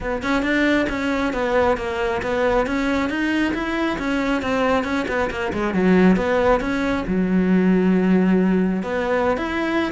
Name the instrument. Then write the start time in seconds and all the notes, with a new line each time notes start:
cello
0.00 B3
0.22 C#4
0.42 D4
0.89 C#4
1.33 B3
1.77 A#3
2.22 B3
2.66 C#4
3.09 D#4
3.54 E4
3.98 C#4
4.42 C4
4.83 C#4
5.07 B3
5.30 A#3
5.52 G#3
5.74 F#3
6.16 B3
6.60 C#4
7.07 F#3
8.82 B3
9.37 E4